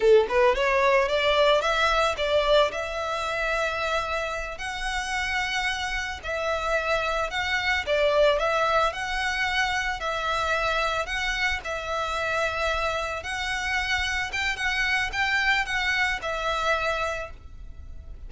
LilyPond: \new Staff \with { instrumentName = "violin" } { \time 4/4 \tempo 4 = 111 a'8 b'8 cis''4 d''4 e''4 | d''4 e''2.~ | e''8 fis''2. e''8~ | e''4. fis''4 d''4 e''8~ |
e''8 fis''2 e''4.~ | e''8 fis''4 e''2~ e''8~ | e''8 fis''2 g''8 fis''4 | g''4 fis''4 e''2 | }